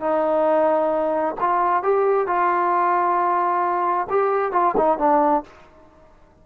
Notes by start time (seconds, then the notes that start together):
0.00 D#4
1.40 F4
1.83 G4
2.27 F4
4.10 G4
4.52 F4
4.77 D#4
4.98 D4